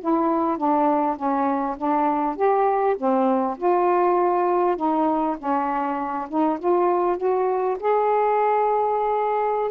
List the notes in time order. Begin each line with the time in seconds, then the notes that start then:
0.00 E4
0.57 D4
1.16 C#4
1.77 D4
2.36 G4
2.97 C4
3.57 F4
4.76 D#4
5.38 C#4
6.28 D#4
6.59 F4
7.17 F#4
7.79 G#4